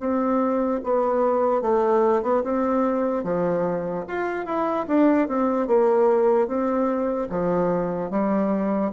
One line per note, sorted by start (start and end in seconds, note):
0.00 0.81 C4
0.84 1.62 B3
1.62 2.23 A3
2.23 2.43 B3
2.44 3.24 C4
3.24 4.05 F3
4.08 4.46 F4
4.46 4.86 E4
4.88 5.28 D4
5.28 5.67 C4
5.67 6.48 A#3
6.48 7.29 C4
7.29 8.10 F3
8.10 8.92 G3